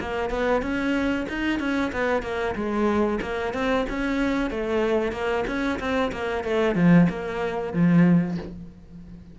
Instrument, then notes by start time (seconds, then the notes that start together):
cello
0.00 A#3
0.30 B3
0.62 C#4
1.29 D#4
1.59 C#4
1.92 B3
2.22 A#3
2.55 G#3
3.21 A#3
3.53 C4
3.89 C#4
4.50 A3
5.12 A#3
5.47 C#4
5.79 C4
6.12 A#3
6.44 A3
6.75 F3
7.09 A#3
7.73 F3